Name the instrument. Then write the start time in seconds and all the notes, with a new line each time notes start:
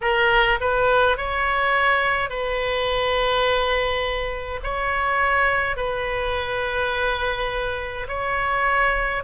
oboe
0.01 A#4
0.60 B4
1.17 C#5
2.29 B4
4.63 C#5
5.76 B4
8.08 C#5